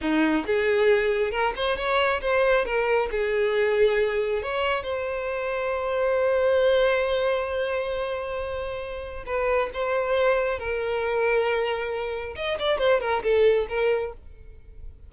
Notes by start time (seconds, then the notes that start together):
0.01 D#4
0.46 G#4
1.31 A#4
1.56 C5
1.76 C#5
2.21 C5
2.65 A#4
3.11 G#4
4.42 C#5
4.83 C5
9.26 B4
9.73 C5
10.58 A#4
12.35 D#5
12.59 D5
12.78 C5
13.00 A#4
13.23 A4
13.68 A#4